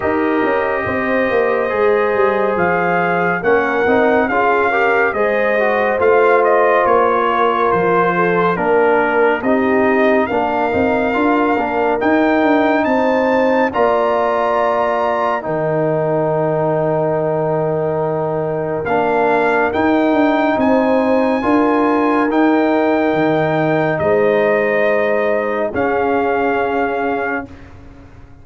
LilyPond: <<
  \new Staff \with { instrumentName = "trumpet" } { \time 4/4 \tempo 4 = 70 dis''2. f''4 | fis''4 f''4 dis''4 f''8 dis''8 | cis''4 c''4 ais'4 dis''4 | f''2 g''4 a''4 |
ais''2 g''2~ | g''2 f''4 g''4 | gis''2 g''2 | dis''2 f''2 | }
  \new Staff \with { instrumentName = "horn" } { \time 4/4 ais'4 c''2. | ais'4 gis'8 ais'8 c''2~ | c''8 ais'4 a'8 ais'4 g'4 | ais'2. c''4 |
d''2 ais'2~ | ais'1 | c''4 ais'2. | c''2 gis'2 | }
  \new Staff \with { instrumentName = "trombone" } { \time 4/4 g'2 gis'2 | cis'8 dis'8 f'8 g'8 gis'8 fis'8 f'4~ | f'2 d'4 dis'4 | d'8 dis'8 f'8 d'8 dis'2 |
f'2 dis'2~ | dis'2 d'4 dis'4~ | dis'4 f'4 dis'2~ | dis'2 cis'2 | }
  \new Staff \with { instrumentName = "tuba" } { \time 4/4 dis'8 cis'8 c'8 ais8 gis8 g8 f4 | ais8 c'8 cis'4 gis4 a4 | ais4 f4 ais4 c'4 | ais8 c'8 d'8 ais8 dis'8 d'8 c'4 |
ais2 dis2~ | dis2 ais4 dis'8 d'8 | c'4 d'4 dis'4 dis4 | gis2 cis'2 | }
>>